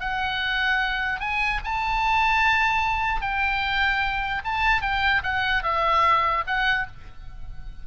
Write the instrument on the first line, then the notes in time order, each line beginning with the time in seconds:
oboe
0.00 F#5
1.20 G#5
1.64 A5
3.21 G5
4.45 A5
4.82 G5
5.23 F#5
5.63 E5
6.47 F#5